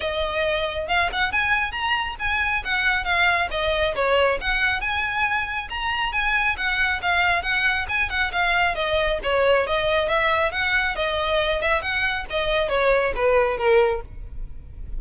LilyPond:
\new Staff \with { instrumentName = "violin" } { \time 4/4 \tempo 4 = 137 dis''2 f''8 fis''8 gis''4 | ais''4 gis''4 fis''4 f''4 | dis''4 cis''4 fis''4 gis''4~ | gis''4 ais''4 gis''4 fis''4 |
f''4 fis''4 gis''8 fis''8 f''4 | dis''4 cis''4 dis''4 e''4 | fis''4 dis''4. e''8 fis''4 | dis''4 cis''4 b'4 ais'4 | }